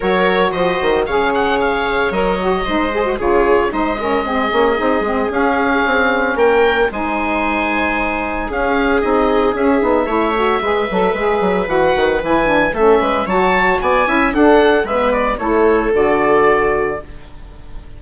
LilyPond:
<<
  \new Staff \with { instrumentName = "oboe" } { \time 4/4 \tempo 4 = 113 cis''4 dis''4 f''8 fis''8 f''4 | dis''2 cis''4 dis''4~ | dis''2 f''2 | g''4 gis''2. |
f''4 dis''4 e''2~ | e''2 fis''4 gis''4 | e''4 a''4 gis''4 fis''4 | e''8 d''8 cis''4 d''2 | }
  \new Staff \with { instrumentName = "viola" } { \time 4/4 ais'4 c''4 cis''2~ | cis''4 c''4 gis'4 c''8 ais'8 | gis'1 | ais'4 c''2. |
gis'2. cis''4 | b'1 | a'8 b'8 cis''4 d''8 e''8 a'4 | b'4 a'2. | }
  \new Staff \with { instrumentName = "saxophone" } { \time 4/4 fis'2 gis'2 | ais'8 fis'8 dis'8 gis'16 fis'16 f'4 dis'8 cis'8 | c'8 cis'8 dis'8 c'8 cis'2~ | cis'4 dis'2. |
cis'4 dis'4 cis'8 dis'8 e'8 fis'8 | gis'8 a'8 gis'4 fis'4 e'8 d'8 | cis'4 fis'4. e'8 d'4 | b4 e'4 fis'2 | }
  \new Staff \with { instrumentName = "bassoon" } { \time 4/4 fis4 f8 dis8 cis2 | fis4 gis4 cis4 gis4~ | gis8 ais8 c'8 gis8 cis'4 c'4 | ais4 gis2. |
cis'4 c'4 cis'8 b8 a4 | gis8 fis8 gis8 fis8 e8 dis8 e4 | a8 gis8 fis4 b8 cis'8 d'4 | gis4 a4 d2 | }
>>